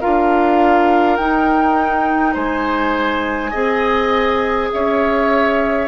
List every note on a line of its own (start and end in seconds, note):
0.00 1.18 D4
0.00 1.19 F4
0.00 2.33 A#4
0.00 1.16 F5
1.16 2.35 D#4
1.16 3.52 D#4
1.16 2.34 G5
2.33 3.53 G#3
2.33 3.50 C5
2.33 4.71 G#5
3.50 4.71 C4
3.50 5.87 G#4
3.50 4.68 D#5
4.72 5.88 C#4
4.72 5.88 C#5
4.72 5.88 E5